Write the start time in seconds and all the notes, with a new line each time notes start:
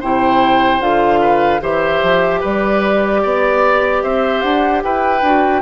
0.00 C3 E4 C5 G5
0.80 D3 F4 F5
1.21 B4
1.61 E3 G4 C5 E5
2.02 F3
2.41 G3 B4 D5
3.23 B3 D5
4.03 C4 C5 E5
4.41 D4 F#5
4.83 E4 B4 G5
5.22 D4 F#4